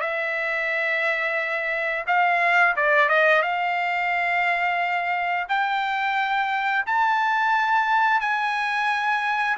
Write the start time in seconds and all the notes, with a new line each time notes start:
0.00 E5
2.06 F5
2.76 D5
3.08 D#5
3.42 F5
5.48 G5
6.86 A5
8.20 G#5